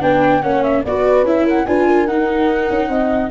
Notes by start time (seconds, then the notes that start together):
0.00 B3 D4 B4 G5
0.42 A#3 C#4 C#5 F#5
0.63 E5
0.83 B3 F#4 B4 D5
1.23 C#4 E4 E5
1.45 A#4 F#5
1.66 D4 F4 B4 G#5
1.87 A#4
2.07 D#4 F#5
2.70 C#4
2.88 C4 D#5